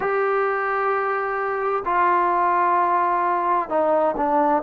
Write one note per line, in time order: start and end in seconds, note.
0.00 1.83 G4
1.85 3.69 F4
3.69 4.15 D#4
4.16 4.62 D4